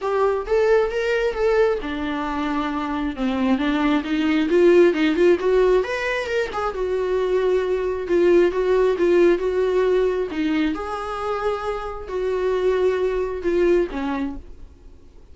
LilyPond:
\new Staff \with { instrumentName = "viola" } { \time 4/4 \tempo 4 = 134 g'4 a'4 ais'4 a'4 | d'2. c'4 | d'4 dis'4 f'4 dis'8 f'8 | fis'4 b'4 ais'8 gis'8 fis'4~ |
fis'2 f'4 fis'4 | f'4 fis'2 dis'4 | gis'2. fis'4~ | fis'2 f'4 cis'4 | }